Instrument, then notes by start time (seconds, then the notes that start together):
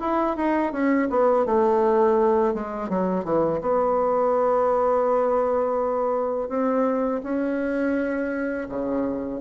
bassoon
0.00 E4
0.36 D#4
0.72 C#4
1.10 B3
1.45 A3
2.54 G#3
2.89 F#3
3.24 E3
3.61 B3
6.49 C4
7.23 C#4
8.68 C#3